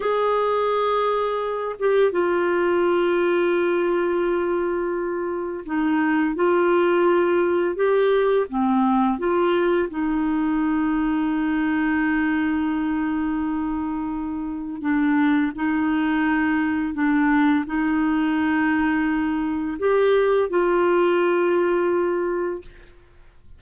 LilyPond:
\new Staff \with { instrumentName = "clarinet" } { \time 4/4 \tempo 4 = 85 gis'2~ gis'8 g'8 f'4~ | f'1 | dis'4 f'2 g'4 | c'4 f'4 dis'2~ |
dis'1~ | dis'4 d'4 dis'2 | d'4 dis'2. | g'4 f'2. | }